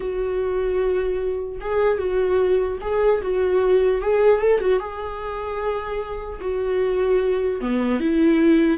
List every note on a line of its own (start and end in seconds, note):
0.00 1.59 F#4
1.61 1.98 G#4
1.98 2.78 F#4
2.81 3.21 G#4
3.21 4.01 F#4
4.01 4.40 G#4
4.40 4.60 A4
4.60 4.79 F#4
4.79 6.39 G#4
6.40 7.60 F#4
7.61 8.00 B3
8.00 8.77 E4